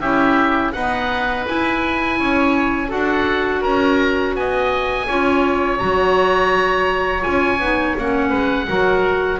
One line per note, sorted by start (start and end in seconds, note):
0.00 0.72 C#4
0.00 0.75 E4
0.00 0.72 G4
0.00 0.72 E5
0.72 1.47 B3
0.72 1.46 D#4
0.72 2.19 B4
0.72 1.45 F#5
1.47 2.88 E4
1.47 2.20 E4
1.47 2.91 G#5
2.19 2.92 C#4
2.19 2.88 C#5
2.88 3.64 D4
2.88 5.05 F#4
2.88 3.60 A4
2.88 3.63 F#5
3.61 4.35 C#4
3.61 4.33 A#4
3.61 4.35 A#5
4.35 5.07 B3
4.35 5.07 D#5
4.35 5.79 G#5
5.07 5.81 C#4
5.07 5.79 F4
5.07 8.29 C#5
5.79 7.26 F#3
5.79 7.21 F#4
5.79 7.23 A#5
7.21 7.59 C#4
7.21 7.58 F4
7.21 7.95 G#5
7.59 7.95 B3
7.59 7.98 D#4
7.98 8.32 A#3
7.98 8.68 C#4
7.98 9.40 F#5
8.29 8.68 G#3
8.29 8.65 B4
8.68 9.40 F#3
8.68 9.40 F#4
8.68 9.40 A#4